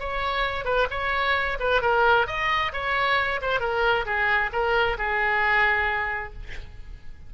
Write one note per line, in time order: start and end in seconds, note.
0.00 0.65 C#5
0.65 0.88 B4
0.91 1.58 C#5
1.60 1.82 B4
1.82 2.27 A#4
2.27 2.72 D#5
2.73 3.41 C#5
3.42 3.60 C5
3.60 4.05 A#4
4.06 4.51 G#4
4.52 4.97 A#4
4.98 6.33 G#4